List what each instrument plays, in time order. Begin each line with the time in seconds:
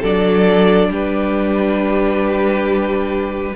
0.00 cello F#3, viola D4, violin A4 D5
0.88 cello G3, violin G4 B4